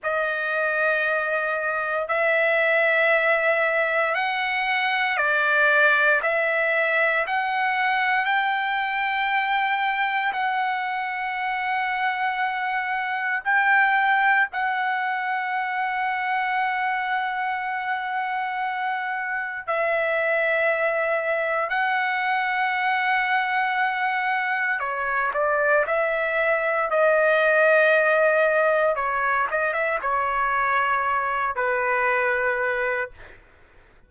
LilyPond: \new Staff \with { instrumentName = "trumpet" } { \time 4/4 \tempo 4 = 58 dis''2 e''2 | fis''4 d''4 e''4 fis''4 | g''2 fis''2~ | fis''4 g''4 fis''2~ |
fis''2. e''4~ | e''4 fis''2. | cis''8 d''8 e''4 dis''2 | cis''8 dis''16 e''16 cis''4. b'4. | }